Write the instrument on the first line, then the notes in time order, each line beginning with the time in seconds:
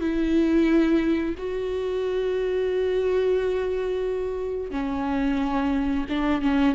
viola
0.00 E4
1.37 F#4
4.70 C#4
6.09 D4
6.41 C#4